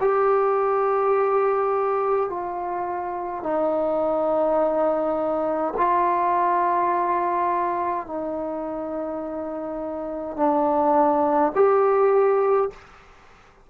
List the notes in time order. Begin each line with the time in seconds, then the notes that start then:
0.00 G4
2.29 F4
3.43 D#4
5.77 F4
8.07 D#4
10.37 D4
11.55 G4